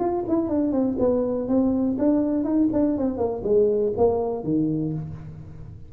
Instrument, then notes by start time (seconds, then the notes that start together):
tuba
0.00 F4
0.28 E4
0.49 D4
0.72 C4
0.99 B3
1.48 C4
1.99 D4
2.44 D#4
2.73 D4
2.98 C4
3.18 A#3
3.44 G#3
3.98 A#3
4.44 D#3